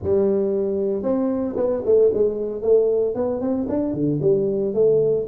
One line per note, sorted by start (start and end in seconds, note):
0.03 1.02 G3
1.02 1.55 C4
1.56 1.83 B3
1.85 2.11 A3
2.13 2.62 G#3
2.62 3.14 A3
3.14 3.40 B3
3.40 3.67 C4
3.68 3.93 D4
3.93 4.20 D3
4.21 4.74 G3
4.74 5.26 A3